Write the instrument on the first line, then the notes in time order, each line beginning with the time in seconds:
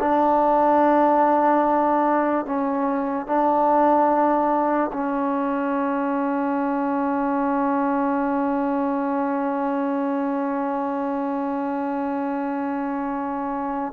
trombone
0.00 D4
2.46 C#4
3.27 D4
4.93 C#4